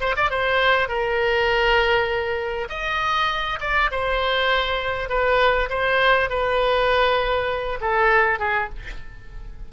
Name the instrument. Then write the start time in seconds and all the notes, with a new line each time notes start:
oboe
0.00 C5
0.16 D5
0.30 C5
0.88 A#4
2.69 D#5
3.60 D5
3.91 C5
5.09 B4
5.69 C5
6.29 B4
7.81 A4
8.39 G#4